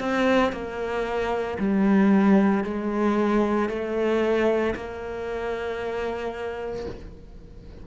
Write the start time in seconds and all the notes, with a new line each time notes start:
0.00 C4
0.52 A#3
1.58 G3
2.64 G#3
3.69 A3
4.75 A#3